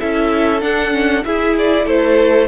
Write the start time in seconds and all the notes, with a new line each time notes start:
0.00 C#4 E4 A4 E5
0.61 D4 F#5
0.91 C#4
1.24 E4 G#4 E5
1.58 D5
1.86 A3 A4 C5